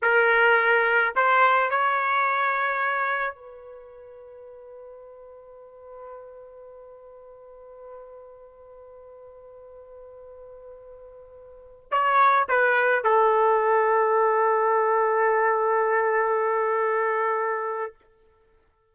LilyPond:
\new Staff \with { instrumentName = "trumpet" } { \time 4/4 \tempo 4 = 107 ais'2 c''4 cis''4~ | cis''2 b'2~ | b'1~ | b'1~ |
b'1~ | b'4~ b'16 cis''4 b'4 a'8.~ | a'1~ | a'1 | }